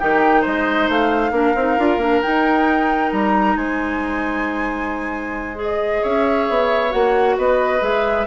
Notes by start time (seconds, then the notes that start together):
0.00 D#3 D#4 G4 G5
0.42 G#3 C5 D#5
0.89 A3 F5
1.32 A#3 D4 A#4
1.56 C4 D#4
1.79 D4 F4
1.97 A#3 D4
2.22 D#4 G5
3.12 G3 A#5
3.56 G#3 C5 G#5
5.56 G#4 D#5
6.02 C#4 C#5 E5
6.49 B3
6.91 A#3 F#4 F#5
7.37 B3 B4 D#5
7.81 G#3 G#4 E5